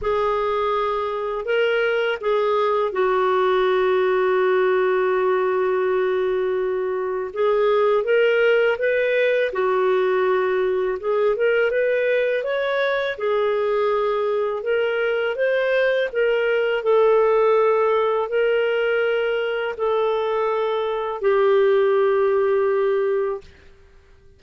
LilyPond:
\new Staff \with { instrumentName = "clarinet" } { \time 4/4 \tempo 4 = 82 gis'2 ais'4 gis'4 | fis'1~ | fis'2 gis'4 ais'4 | b'4 fis'2 gis'8 ais'8 |
b'4 cis''4 gis'2 | ais'4 c''4 ais'4 a'4~ | a'4 ais'2 a'4~ | a'4 g'2. | }